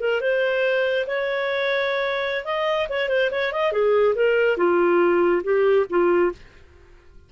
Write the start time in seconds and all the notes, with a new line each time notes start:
0.00 A#4
0.21 C5
1.07 C#5
2.45 D#5
2.89 C#5
3.09 C5
3.31 C#5
3.52 D#5
3.72 G#4
4.15 A#4
4.57 F4
5.43 G4
5.89 F4